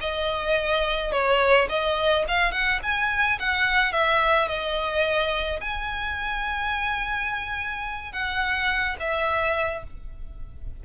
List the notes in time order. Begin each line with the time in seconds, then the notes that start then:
0.00 D#5
1.12 C#5
1.69 D#5
2.28 F5
2.52 F#5
2.83 G#5
3.39 F#5
3.92 E5
4.48 D#5
5.61 G#5
8.12 F#5
8.99 E5